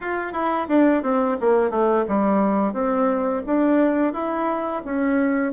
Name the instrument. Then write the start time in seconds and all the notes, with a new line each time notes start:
bassoon
0.01 F4
0.33 E4
0.68 D4
1.03 C4
1.40 A#3
1.70 A3
2.08 G3
2.73 C4
3.46 D4
4.13 E4
4.84 C#4